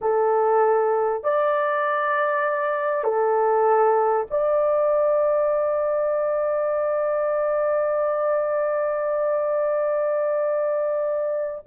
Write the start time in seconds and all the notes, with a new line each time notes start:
0.01 A4
1.23 D5
3.04 A4
4.30 D5